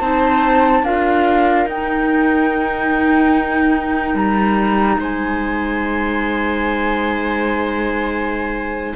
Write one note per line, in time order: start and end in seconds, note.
0.00 0.82 C4
0.00 0.84 D#4
0.00 0.83 C5
0.00 0.85 A5
0.82 1.65 D4
0.82 1.67 F4
0.82 5.00 A#4
0.82 1.68 F5
1.65 4.14 D#4
1.65 8.95 D#4
1.65 4.16 G5
4.14 4.97 G3
4.14 4.99 A#5
4.98 8.93 G#3
4.98 8.95 C5
4.98 8.95 G#5